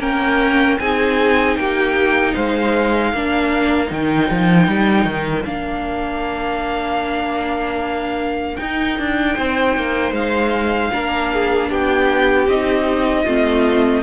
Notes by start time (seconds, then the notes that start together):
0.00 A#3 C#4 A#4 G5
0.79 C4 D#4 G#4 G#5
1.57 A#3 G4 G5
2.35 G#3 C5 F5
3.12 A#3 D4 A#4
3.87 D#3 D#4
3.94 G5
4.31 F3
4.68 G3
5.05 D#3
5.45 A#3 D4 F5
8.57 D#4 G5
8.99 D4
9.35 C4 C5
9.77 A#3
10.12 G#3 F5
10.92 A#3 D4 A#4
11.34 G#4
11.71 B3 G4 G5
12.48 C4 D#4 D#5
13.24 A3 C4 F4